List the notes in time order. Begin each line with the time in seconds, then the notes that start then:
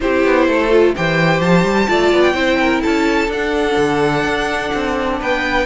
0.00 C4 E4 G4 C5
0.24 B3
0.47 A3 A4
0.70 F4
0.95 E3 G4 C5 G5
1.40 F3 A5
1.64 G3
1.88 A3 F4 D5
2.12 B3
2.21 G5
2.34 C4 E4 C5
2.59 A#4
2.82 C#4 A4 A5
3.28 D4 F#5
3.77 D3
4.24 D4
4.74 C4
5.19 B3 B4 G5